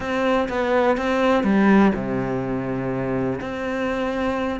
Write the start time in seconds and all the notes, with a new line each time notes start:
0.00 C4
0.49 B3
0.97 C4
1.43 G3
1.94 C3
3.40 C4